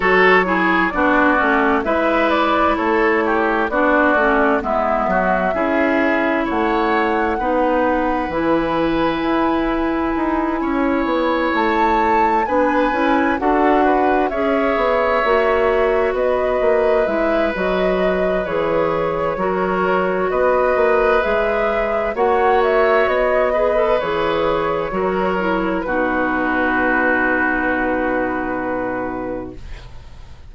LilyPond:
<<
  \new Staff \with { instrumentName = "flute" } { \time 4/4 \tempo 4 = 65 cis''4 d''4 e''8 d''8 cis''4 | d''4 e''2 fis''4~ | fis''4 gis''2.~ | gis''8 a''4 gis''4 fis''4 e''8~ |
e''4. dis''4 e''8 dis''4 | cis''2 dis''4 e''4 | fis''8 e''8 dis''4 cis''2 | b'1 | }
  \new Staff \with { instrumentName = "oboe" } { \time 4/4 a'8 gis'8 fis'4 b'4 a'8 g'8 | fis'4 e'8 fis'8 gis'4 cis''4 | b'2.~ b'8 cis''8~ | cis''4. b'4 a'8 b'8 cis''8~ |
cis''4. b'2~ b'8~ | b'4 ais'4 b'2 | cis''4. b'4. ais'4 | fis'1 | }
  \new Staff \with { instrumentName = "clarinet" } { \time 4/4 fis'8 e'8 d'8 cis'8 e'2 | d'8 cis'8 b4 e'2 | dis'4 e'2.~ | e'4. d'8 e'8 fis'4 gis'8~ |
gis'8 fis'2 e'8 fis'4 | gis'4 fis'2 gis'4 | fis'4. gis'16 a'16 gis'4 fis'8 e'8 | dis'1 | }
  \new Staff \with { instrumentName = "bassoon" } { \time 4/4 fis4 b8 a8 gis4 a4 | b8 a8 gis8 fis8 cis'4 a4 | b4 e4 e'4 dis'8 cis'8 | b8 a4 b8 cis'8 d'4 cis'8 |
b8 ais4 b8 ais8 gis8 fis4 | e4 fis4 b8 ais8 gis4 | ais4 b4 e4 fis4 | b,1 | }
>>